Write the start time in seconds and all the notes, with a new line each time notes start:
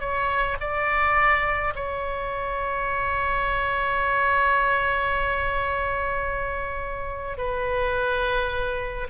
0.00 C#5
0.60 D5
1.75 C#5
7.37 B4